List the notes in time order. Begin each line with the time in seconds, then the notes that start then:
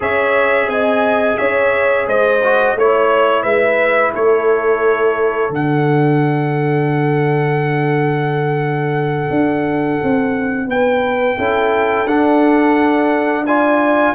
0.00 C#4 G#4 C#5 E5
0.67 C4 D#5 G#5
1.37 C#4 C#5 E5
2.07 G#3 C5 D#5
2.43 F#4
2.75 A3 E4 C#5
3.42 G#3 B4 E5
4.13 A3 A4 C#5
5.49 D3 D4 F#5
9.30 D4
10.03 C4
10.66 B3 B4 G5
11.37 C#4 E4 A4
12.05 D4 F#5
13.46 F4 D5 G#5